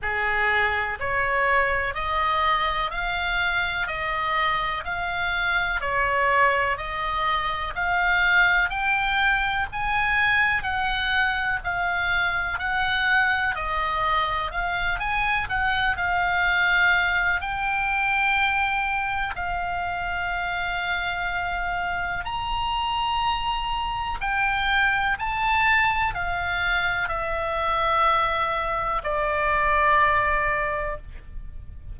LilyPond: \new Staff \with { instrumentName = "oboe" } { \time 4/4 \tempo 4 = 62 gis'4 cis''4 dis''4 f''4 | dis''4 f''4 cis''4 dis''4 | f''4 g''4 gis''4 fis''4 | f''4 fis''4 dis''4 f''8 gis''8 |
fis''8 f''4. g''2 | f''2. ais''4~ | ais''4 g''4 a''4 f''4 | e''2 d''2 | }